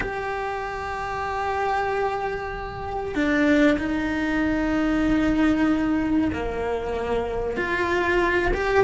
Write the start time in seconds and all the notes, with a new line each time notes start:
0.00 G4
3.14 D4
3.78 D#4
6.32 A#3
7.56 F4
8.53 G4